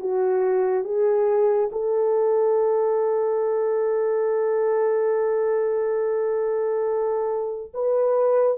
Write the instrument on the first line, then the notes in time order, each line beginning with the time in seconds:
horn
0.00 F#4
0.84 G#4
1.72 A4
7.74 B4